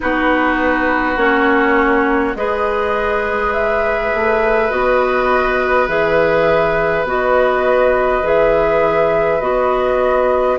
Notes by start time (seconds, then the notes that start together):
0.00 B3 D#4 F#4 B4
1.16 A#3 C#4 C#5
2.35 G#3 G#4 B4 D#5
3.52 E5
4.14 A3
4.70 B3 F#4 D#5
5.87 E3 G#4 E5
7.03 B3 F#4 D#5
8.23 E3 G#4 E5
9.40 B3 F#4 D#5